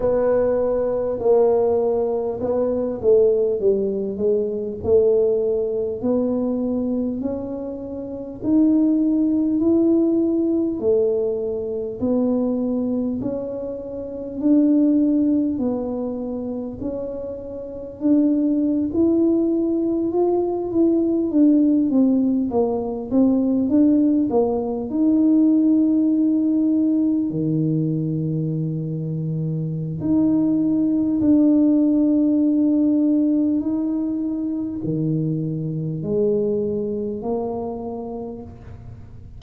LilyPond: \new Staff \with { instrumentName = "tuba" } { \time 4/4 \tempo 4 = 50 b4 ais4 b8 a8 g8 gis8 | a4 b4 cis'4 dis'4 | e'4 a4 b4 cis'4 | d'4 b4 cis'4 d'8. e'16~ |
e'8. f'8 e'8 d'8 c'8 ais8 c'8 d'16~ | d'16 ais8 dis'2 dis4~ dis16~ | dis4 dis'4 d'2 | dis'4 dis4 gis4 ais4 | }